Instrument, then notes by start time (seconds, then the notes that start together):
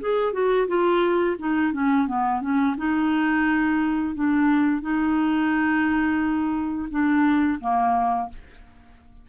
clarinet
0.00 G#4
0.33 F#4
0.67 F4
1.39 D#4
1.73 C#4
2.07 B3
2.41 C#4
2.77 D#4
4.14 D4
4.81 D#4
6.90 D4
7.60 A#3